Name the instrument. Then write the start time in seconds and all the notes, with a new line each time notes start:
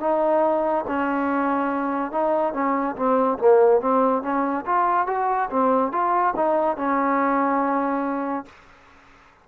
trombone
0.00 D#4
0.88 C#4
2.12 D#4
2.53 C#4
2.96 C4
3.38 A#3
3.81 C4
4.23 C#4
4.66 F4
5.07 F#4
5.50 C4
5.92 F4
6.36 D#4
6.77 C#4